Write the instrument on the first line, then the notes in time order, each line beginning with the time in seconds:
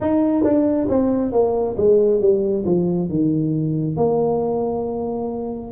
tuba
0.00 D#4
0.43 D4
0.89 C4
1.32 A#3
1.76 G#3
2.21 G3
2.65 F3
3.09 D#3
3.96 A#3